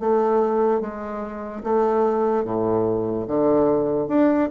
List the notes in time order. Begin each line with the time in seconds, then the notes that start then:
0.00 A3
0.81 G#3
1.64 A3
2.45 A2
3.28 D3
4.08 D4